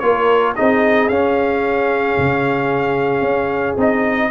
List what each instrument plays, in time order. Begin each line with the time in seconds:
0.00 tuba A#3, trombone F4, horn A#4, trumpet C#5
0.56 tuba C4, trombone D#4, horn G#4, trumpet D#5
1.09 tuba C#4, trombone C#4, trumpet F5
2.18 tuba C#3
3.22 tuba C#4
3.77 tuba C4, trombone D#4, trumpet D#5